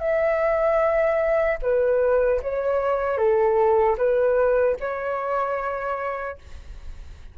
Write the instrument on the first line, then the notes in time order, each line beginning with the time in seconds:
flute
0.00 E5
1.63 B4
2.43 C#5
3.18 A4
3.98 B4
4.81 C#5